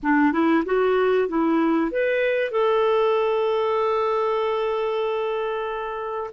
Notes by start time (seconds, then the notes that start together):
0.02 D4
0.32 E4
0.65 F#4
1.28 E4
1.91 B4
2.51 A4